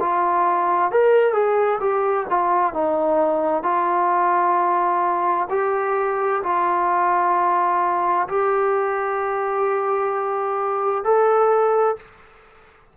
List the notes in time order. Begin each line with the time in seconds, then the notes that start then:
0.00 F4
0.91 A#4
1.33 G#4
1.80 G4
2.30 F4
2.74 D#4
3.63 F4
5.50 G4
6.43 F4
8.29 G4
11.04 A4